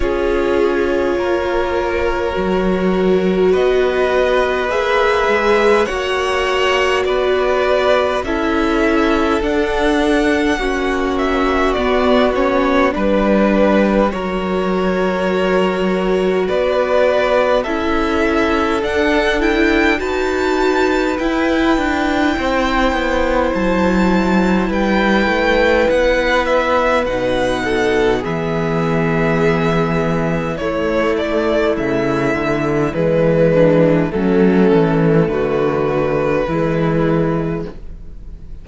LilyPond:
<<
  \new Staff \with { instrumentName = "violin" } { \time 4/4 \tempo 4 = 51 cis''2. dis''4 | e''4 fis''4 d''4 e''4 | fis''4. e''8 d''8 cis''8 b'4 | cis''2 d''4 e''4 |
fis''8 g''8 a''4 g''2 | a''4 g''4 fis''8 e''8 fis''4 | e''2 cis''8 d''8 e''4 | b'4 a'4 b'2 | }
  \new Staff \with { instrumentName = "violin" } { \time 4/4 gis'4 ais'2 b'4~ | b'4 cis''4 b'4 a'4~ | a'4 fis'2 b'4 | ais'2 b'4 a'4~ |
a'4 b'2 c''4~ | c''4 b'2~ b'8 a'8 | gis'2 e'2~ | e'8 d'8 cis'4 fis'4 e'4 | }
  \new Staff \with { instrumentName = "viola" } { \time 4/4 f'2 fis'2 | gis'4 fis'2 e'4 | d'4 cis'4 b8 cis'8 d'4 | fis'2. e'4 |
d'8 e'8 fis'4 e'2~ | e'2. dis'4 | b2 a2 | gis4 a2 gis4 | }
  \new Staff \with { instrumentName = "cello" } { \time 4/4 cis'4 ais4 fis4 b4 | ais8 gis8 ais4 b4 cis'4 | d'4 ais4 b4 g4 | fis2 b4 cis'4 |
d'4 dis'4 e'8 d'8 c'8 b8 | fis4 g8 a8 b4 b,4 | e2 a4 cis8 d8 | e4 fis8 e8 d4 e4 | }
>>